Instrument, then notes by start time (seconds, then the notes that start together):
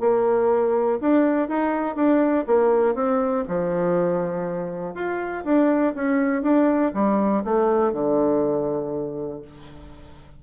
bassoon
0.00 A#3
1.01 D4
1.49 D#4
1.96 D4
2.47 A#3
2.95 C4
3.48 F3
4.95 F4
5.44 D4
5.95 C#4
6.42 D4
6.94 G3
7.44 A3
7.93 D3